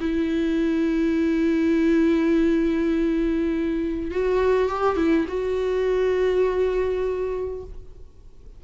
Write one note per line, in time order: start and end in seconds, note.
0.00 4.11 E4
4.11 4.69 F#4
4.69 4.97 G4
4.97 5.26 E4
5.28 7.64 F#4